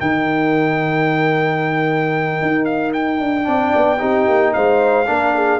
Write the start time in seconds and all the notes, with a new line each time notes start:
0.00 D#3 D#4 A#4 G5
2.42 D#4
2.65 F5
2.93 G5
3.20 D4
3.44 C4 D4 D5
3.76 B3
3.99 C4 D#4 G4
4.28 A#3
4.54 G#3 C5 F5
5.07 A#3 D4 A#4
5.36 G#4